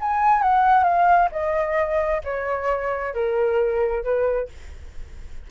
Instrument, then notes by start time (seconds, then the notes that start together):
flute
0.00 G#5
0.42 F#5
0.83 F5
1.31 D#5
2.24 C#5
3.14 A#4
4.03 B4